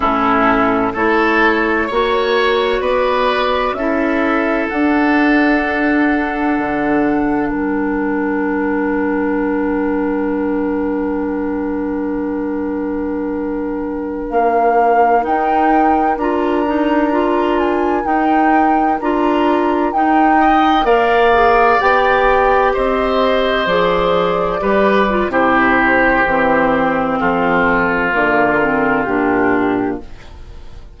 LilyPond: <<
  \new Staff \with { instrumentName = "flute" } { \time 4/4 \tempo 4 = 64 a'4 cis''2 d''4 | e''4 fis''2. | g''1~ | g''2.~ g''16 f''8.~ |
f''16 g''4 ais''4. gis''8 g''8.~ | g''16 ais''4 g''4 f''4 g''8.~ | g''16 dis''4 d''4.~ d''16 c''4~ | c''4 a'4 ais'4 g'4 | }
  \new Staff \with { instrumentName = "oboe" } { \time 4/4 e'4 a'4 cis''4 b'4 | a'1 | ais'1~ | ais'1~ |
ais'1~ | ais'4.~ ais'16 dis''8 d''4.~ d''16~ | d''16 c''2 b'8. g'4~ | g'4 f'2. | }
  \new Staff \with { instrumentName = "clarinet" } { \time 4/4 cis'4 e'4 fis'2 | e'4 d'2.~ | d'1~ | d'1~ |
d'16 dis'4 f'8 dis'8 f'4 dis'8.~ | dis'16 f'4 dis'4 ais'8 gis'8 g'8.~ | g'4~ g'16 gis'4 g'8 f'16 e'4 | c'2 ais8 c'8 d'4 | }
  \new Staff \with { instrumentName = "bassoon" } { \time 4/4 a,4 a4 ais4 b4 | cis'4 d'2 d4 | g1~ | g2.~ g16 ais8.~ |
ais16 dis'4 d'2 dis'8.~ | dis'16 d'4 dis'4 ais4 b8.~ | b16 c'4 f4 g8. c4 | e4 f4 d4 ais,4 | }
>>